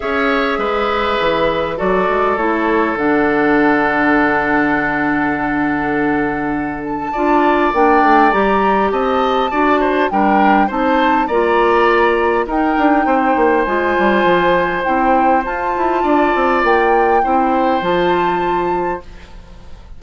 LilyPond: <<
  \new Staff \with { instrumentName = "flute" } { \time 4/4 \tempo 4 = 101 e''2. d''4 | cis''4 fis''2.~ | fis''2.~ fis''8 a''8~ | a''4 g''4 ais''4 a''4~ |
a''4 g''4 a''4 ais''4~ | ais''4 g''2 gis''4~ | gis''4 g''4 a''2 | g''2 a''2 | }
  \new Staff \with { instrumentName = "oboe" } { \time 4/4 cis''4 b'2 a'4~ | a'1~ | a'1 | d''2. dis''4 |
d''8 c''8 ais'4 c''4 d''4~ | d''4 ais'4 c''2~ | c''2. d''4~ | d''4 c''2. | }
  \new Staff \with { instrumentName = "clarinet" } { \time 4/4 gis'2. fis'4 | e'4 d'2.~ | d'1 | f'4 d'4 g'2 |
fis'4 d'4 dis'4 f'4~ | f'4 dis'2 f'4~ | f'4 e'4 f'2~ | f'4 e'4 f'2 | }
  \new Staff \with { instrumentName = "bassoon" } { \time 4/4 cis'4 gis4 e4 fis8 gis8 | a4 d2.~ | d1 | d'4 ais8 a8 g4 c'4 |
d'4 g4 c'4 ais4~ | ais4 dis'8 d'8 c'8 ais8 gis8 g8 | f4 c'4 f'8 e'8 d'8 c'8 | ais4 c'4 f2 | }
>>